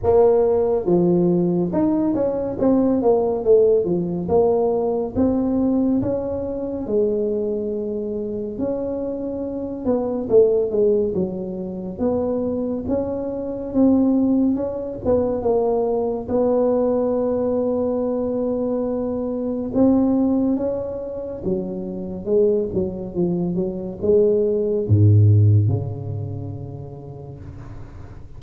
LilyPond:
\new Staff \with { instrumentName = "tuba" } { \time 4/4 \tempo 4 = 70 ais4 f4 dis'8 cis'8 c'8 ais8 | a8 f8 ais4 c'4 cis'4 | gis2 cis'4. b8 | a8 gis8 fis4 b4 cis'4 |
c'4 cis'8 b8 ais4 b4~ | b2. c'4 | cis'4 fis4 gis8 fis8 f8 fis8 | gis4 gis,4 cis2 | }